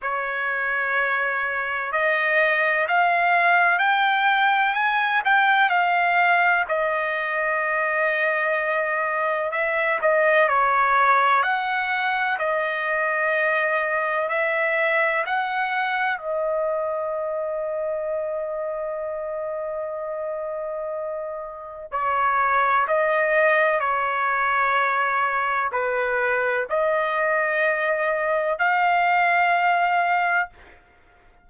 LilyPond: \new Staff \with { instrumentName = "trumpet" } { \time 4/4 \tempo 4 = 63 cis''2 dis''4 f''4 | g''4 gis''8 g''8 f''4 dis''4~ | dis''2 e''8 dis''8 cis''4 | fis''4 dis''2 e''4 |
fis''4 dis''2.~ | dis''2. cis''4 | dis''4 cis''2 b'4 | dis''2 f''2 | }